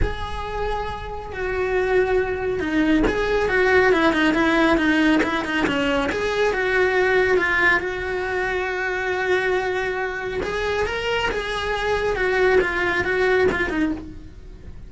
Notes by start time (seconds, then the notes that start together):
0.02 G#4
1.32 F#4
2.59 D#4
3.07 G#4
3.49 F#4
3.92 E4
4.12 D#4
4.33 E4
4.77 D#4
5.23 E4
5.44 D#4
5.66 C#4
6.11 G#4
6.53 F#4
7.37 F4
7.80 F#4
10.42 G#4
10.86 A#4
11.31 G#4
12.15 F#4
12.60 F4
13.04 F#4
13.51 F4
13.69 D#4